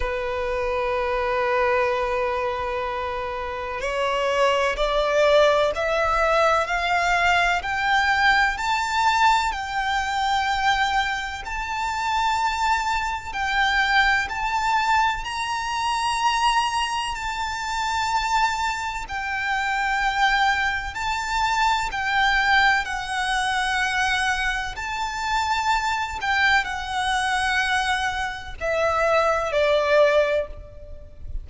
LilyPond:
\new Staff \with { instrumentName = "violin" } { \time 4/4 \tempo 4 = 63 b'1 | cis''4 d''4 e''4 f''4 | g''4 a''4 g''2 | a''2 g''4 a''4 |
ais''2 a''2 | g''2 a''4 g''4 | fis''2 a''4. g''8 | fis''2 e''4 d''4 | }